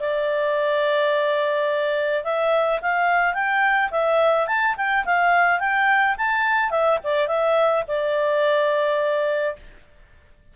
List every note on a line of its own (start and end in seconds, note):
0.00 2.24 D5
2.24 2.80 E5
2.82 3.35 F5
3.35 3.91 G5
3.92 4.48 E5
4.48 4.76 A5
4.77 5.05 G5
5.05 5.60 F5
5.60 6.16 G5
6.18 6.71 A5
6.71 6.99 E5
7.04 7.28 D5
7.28 7.84 E5
7.88 9.56 D5